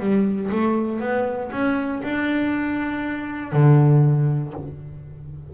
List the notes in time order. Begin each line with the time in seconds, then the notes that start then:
0.00 G3
0.52 A3
1.00 B3
1.52 C#4
2.04 D4
3.53 D3